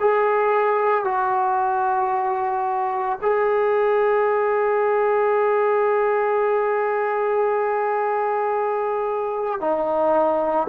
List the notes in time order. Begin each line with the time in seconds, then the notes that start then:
0.00 G#4
1.05 F#4
3.22 G#4
9.60 D#4